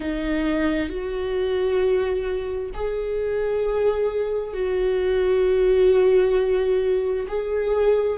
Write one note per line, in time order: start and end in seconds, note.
0.00 0.88 D#4
0.88 2.70 F#4
2.74 4.53 G#4
4.53 7.26 F#4
7.27 8.18 G#4